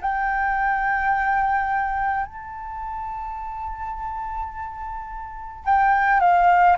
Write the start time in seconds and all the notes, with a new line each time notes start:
0.00 G5
2.25 A5
5.64 G5
6.20 F5